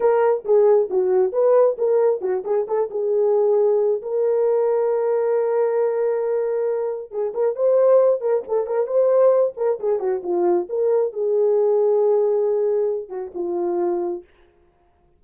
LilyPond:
\new Staff \with { instrumentName = "horn" } { \time 4/4 \tempo 4 = 135 ais'4 gis'4 fis'4 b'4 | ais'4 fis'8 gis'8 a'8 gis'4.~ | gis'4 ais'2.~ | ais'1 |
gis'8 ais'8 c''4. ais'8 a'8 ais'8 | c''4. ais'8 gis'8 fis'8 f'4 | ais'4 gis'2.~ | gis'4. fis'8 f'2 | }